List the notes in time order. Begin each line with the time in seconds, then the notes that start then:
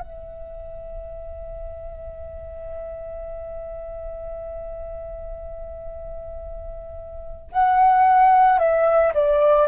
0.00 E5
7.52 F#5
8.59 E5
9.14 D5